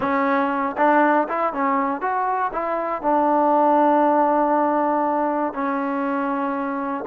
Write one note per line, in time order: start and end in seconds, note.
0.00 0.76 C#4
0.77 1.27 D4
1.28 1.53 E4
1.53 2.01 C#4
2.01 2.51 F#4
2.52 3.02 E4
3.02 5.53 D4
5.53 7.04 C#4